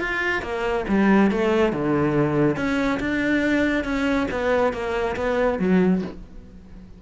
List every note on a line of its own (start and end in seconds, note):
0.00 0.42 F4
0.42 0.85 A#3
0.88 1.31 G3
1.31 1.73 A3
1.73 2.56 D3
2.56 2.99 C#4
3.00 3.85 D4
3.85 4.27 C#4
4.31 4.73 B3
4.73 5.16 A#3
5.16 5.59 B3
5.59 6.02 F#3